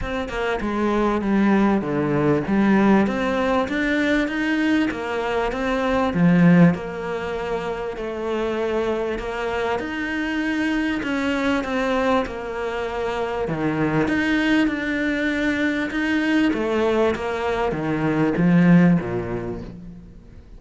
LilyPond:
\new Staff \with { instrumentName = "cello" } { \time 4/4 \tempo 4 = 98 c'8 ais8 gis4 g4 d4 | g4 c'4 d'4 dis'4 | ais4 c'4 f4 ais4~ | ais4 a2 ais4 |
dis'2 cis'4 c'4 | ais2 dis4 dis'4 | d'2 dis'4 a4 | ais4 dis4 f4 ais,4 | }